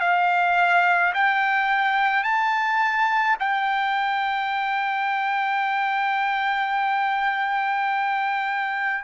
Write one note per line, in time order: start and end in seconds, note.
0.00 1.13 F5
1.14 2.23 G5
2.23 3.37 A5
3.40 9.04 G5